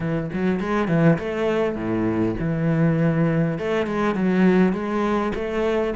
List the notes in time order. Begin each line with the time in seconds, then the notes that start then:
0.00 E3
0.33 F#3
0.59 G#3
0.88 E3
1.19 A3
1.75 A2
2.39 E3
3.58 A3
3.86 G#3
4.14 F#3
4.72 G#3
5.34 A3